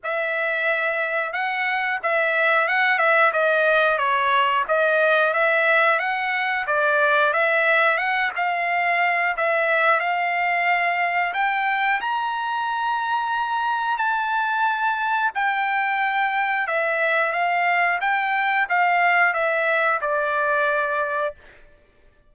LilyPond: \new Staff \with { instrumentName = "trumpet" } { \time 4/4 \tempo 4 = 90 e''2 fis''4 e''4 | fis''8 e''8 dis''4 cis''4 dis''4 | e''4 fis''4 d''4 e''4 | fis''8 f''4. e''4 f''4~ |
f''4 g''4 ais''2~ | ais''4 a''2 g''4~ | g''4 e''4 f''4 g''4 | f''4 e''4 d''2 | }